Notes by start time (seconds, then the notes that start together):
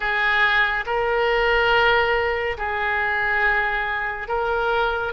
0.00 G#4
0.86 A#4
2.57 G#4
4.27 A#4